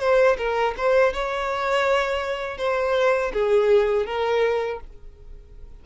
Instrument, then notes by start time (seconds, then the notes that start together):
violin
0.00 C5
0.38 A#4
0.78 C5
1.13 C#5
2.58 C5
3.34 G#4
4.06 A#4